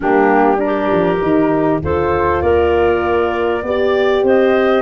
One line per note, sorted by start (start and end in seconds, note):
0.00 0.91 G3
0.00 0.56 A#3
0.00 0.57 D4
0.00 0.59 G4
0.56 1.17 D4
0.56 1.80 A#4
0.64 1.83 G4
0.92 1.21 F3
1.21 1.81 D#3
1.21 1.81 D#4
1.81 2.42 D2
1.81 3.65 F4
1.81 2.43 A4
1.81 2.41 C5
2.41 3.62 A#3
2.41 3.64 A#4
2.41 4.23 D5
3.62 4.22 B3
3.62 4.82 G4
3.62 4.24 D5
4.22 4.82 C4
4.22 4.82 C5
4.22 4.82 D#5